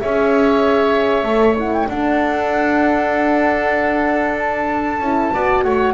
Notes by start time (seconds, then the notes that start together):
0.00 C#4 G#4 C#5 E5
1.23 A3 A4
1.57 E4 F#5
1.74 G5
1.87 D4 A4 F#5
4.38 A5
5.00 C#4 E4
5.34 B3 F#4 D5
5.63 A3 C#5 F#5